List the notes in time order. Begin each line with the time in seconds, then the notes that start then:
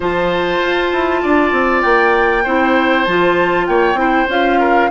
0.00 F3 F4 C5 A5
0.61 F4
0.92 E4
1.22 D4 D5
1.52 C4
1.82 A#3 G5
2.43 C4 E4 C5
3.04 F3 F4 A5
3.66 A#3 C#5 G5
3.94 C4 E4 C5
4.28 C#4 F4 F5
4.59 A#4